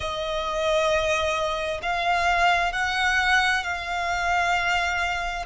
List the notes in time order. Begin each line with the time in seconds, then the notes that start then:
0.00 D#5
1.82 F5
2.72 F#5
3.63 F5